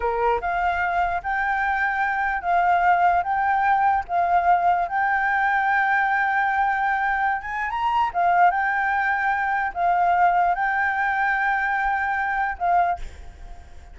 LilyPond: \new Staff \with { instrumentName = "flute" } { \time 4/4 \tempo 4 = 148 ais'4 f''2 g''4~ | g''2 f''2 | g''2 f''2 | g''1~ |
g''2~ g''16 gis''8. ais''4 | f''4 g''2. | f''2 g''2~ | g''2. f''4 | }